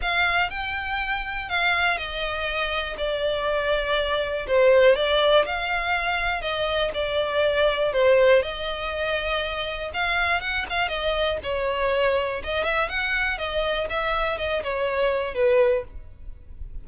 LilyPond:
\new Staff \with { instrumentName = "violin" } { \time 4/4 \tempo 4 = 121 f''4 g''2 f''4 | dis''2 d''2~ | d''4 c''4 d''4 f''4~ | f''4 dis''4 d''2 |
c''4 dis''2. | f''4 fis''8 f''8 dis''4 cis''4~ | cis''4 dis''8 e''8 fis''4 dis''4 | e''4 dis''8 cis''4. b'4 | }